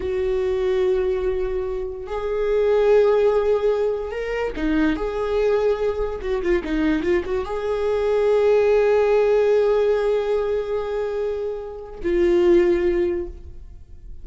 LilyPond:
\new Staff \with { instrumentName = "viola" } { \time 4/4 \tempo 4 = 145 fis'1~ | fis'4 gis'2.~ | gis'2 ais'4 dis'4 | gis'2. fis'8 f'8 |
dis'4 f'8 fis'8 gis'2~ | gis'1~ | gis'1~ | gis'4 f'2. | }